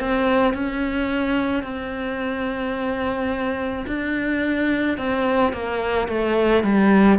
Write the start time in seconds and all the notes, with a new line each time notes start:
0.00 C4
0.54 C#4
1.64 C4
3.87 D4
4.98 C4
5.53 A#3
6.08 A3
6.64 G3